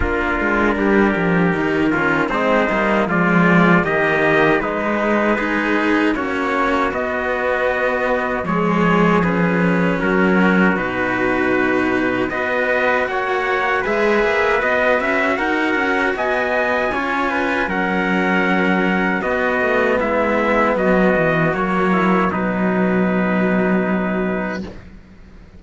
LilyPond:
<<
  \new Staff \with { instrumentName = "trumpet" } { \time 4/4 \tempo 4 = 78 ais'2. c''4 | d''4 dis''4 b'2 | cis''4 dis''2 cis''4 | b'4 ais'4 b'2 |
dis''4 fis''4 e''4 dis''8 e''8 | fis''4 gis''2 fis''4~ | fis''4 dis''4 e''4 dis''4 | cis''4 b'2. | }
  \new Staff \with { instrumentName = "trumpet" } { \time 4/4 f'4 g'4. f'8 dis'4 | f'4 g'4 dis'4 gis'4 | fis'2. gis'4~ | gis'4 fis'2. |
b'4 cis''4 b'2 | ais'4 dis''4 cis''8 b'8 ais'4~ | ais'4 fis'4 e'4 fis'4~ | fis'8 e'8 dis'2. | }
  \new Staff \with { instrumentName = "cello" } { \time 4/4 d'2 dis'8 cis'8 c'8 ais8 | gis4 ais4 gis4 dis'4 | cis'4 b2 gis4 | cis'2 dis'2 |
fis'2 gis'4 fis'4~ | fis'2 f'4 cis'4~ | cis'4 b2. | ais4 fis2. | }
  \new Staff \with { instrumentName = "cello" } { \time 4/4 ais8 gis8 g8 f8 dis4 gis8 g8 | f4 dis4 gis2 | ais4 b2 f4~ | f4 fis4 b,2 |
b4 ais4 gis8 ais8 b8 cis'8 | dis'8 cis'8 b4 cis'4 fis4~ | fis4 b8 a8 gis4 fis8 e8 | fis4 b,2. | }
>>